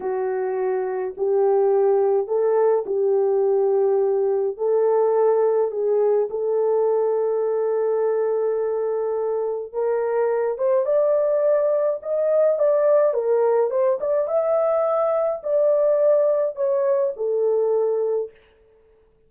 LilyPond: \new Staff \with { instrumentName = "horn" } { \time 4/4 \tempo 4 = 105 fis'2 g'2 | a'4 g'2. | a'2 gis'4 a'4~ | a'1~ |
a'4 ais'4. c''8 d''4~ | d''4 dis''4 d''4 ais'4 | c''8 d''8 e''2 d''4~ | d''4 cis''4 a'2 | }